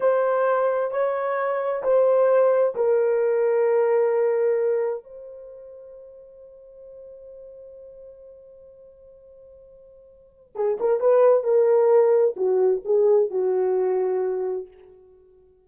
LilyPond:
\new Staff \with { instrumentName = "horn" } { \time 4/4 \tempo 4 = 131 c''2 cis''2 | c''2 ais'2~ | ais'2. c''4~ | c''1~ |
c''1~ | c''2. gis'8 ais'8 | b'4 ais'2 fis'4 | gis'4 fis'2. | }